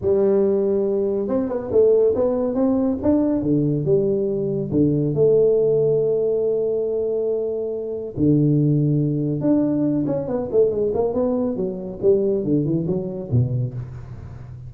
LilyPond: \new Staff \with { instrumentName = "tuba" } { \time 4/4 \tempo 4 = 140 g2. c'8 b8 | a4 b4 c'4 d'4 | d4 g2 d4 | a1~ |
a2. d4~ | d2 d'4. cis'8 | b8 a8 gis8 ais8 b4 fis4 | g4 d8 e8 fis4 b,4 | }